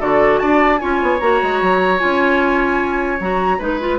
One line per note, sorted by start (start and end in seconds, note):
0.00 0.41 D3
0.00 0.80 F#4
0.00 0.40 A4
0.00 0.39 D5
0.39 0.82 D4
0.39 0.81 D5
0.39 0.79 A5
0.79 1.02 C#4
0.79 1.20 F4
0.79 3.59 C#5
0.79 1.19 G#5
1.02 1.21 B3
1.20 1.41 A#3
1.20 1.99 F#4
1.20 1.99 A#5
1.43 1.62 G#3
1.62 2.02 F#3
1.99 3.20 C#4
1.99 3.19 F4
1.99 3.19 G#5
3.20 3.60 F#3
3.20 3.59 F#4
3.20 3.62 A#5
3.59 4.00 G#3
3.59 3.79 D#4
3.59 3.99 B4
3.59 4.00 B4
3.80 4.00 F4